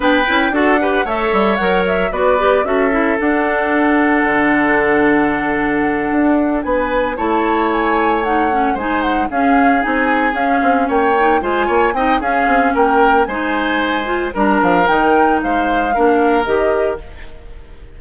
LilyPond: <<
  \new Staff \with { instrumentName = "flute" } { \time 4/4 \tempo 4 = 113 g''4 fis''4 e''4 fis''8 e''8 | d''4 e''4 fis''2~ | fis''1~ | fis''8 gis''4 a''4 gis''4 fis''8~ |
fis''8 gis''8 fis''8 f''4 gis''4 f''8~ | f''8 g''4 gis''4 g''8 f''4 | g''4 gis''2 ais''8 f''8 | g''4 f''2 dis''4 | }
  \new Staff \with { instrumentName = "oboe" } { \time 4/4 b'4 a'8 b'8 cis''2 | b'4 a'2.~ | a'1~ | a'8 b'4 cis''2~ cis''8~ |
cis''8 c''4 gis'2~ gis'8~ | gis'8 cis''4 c''8 cis''8 dis''8 gis'4 | ais'4 c''2 ais'4~ | ais'4 c''4 ais'2 | }
  \new Staff \with { instrumentName = "clarinet" } { \time 4/4 d'8 e'8 fis'8 g'8 a'4 ais'4 | fis'8 g'8 fis'8 e'8 d'2~ | d'1~ | d'4. e'2 dis'8 |
cis'8 dis'4 cis'4 dis'4 cis'8~ | cis'4 dis'8 f'4 dis'8 cis'4~ | cis'4 dis'4. f'8 d'4 | dis'2 d'4 g'4 | }
  \new Staff \with { instrumentName = "bassoon" } { \time 4/4 b8 cis'8 d'4 a8 g8 fis4 | b4 cis'4 d'2 | d2.~ d8 d'8~ | d'8 b4 a2~ a8~ |
a8 gis4 cis'4 c'4 cis'8 | c'8 ais4 gis8 ais8 c'8 cis'8 c'8 | ais4 gis2 g8 f8 | dis4 gis4 ais4 dis4 | }
>>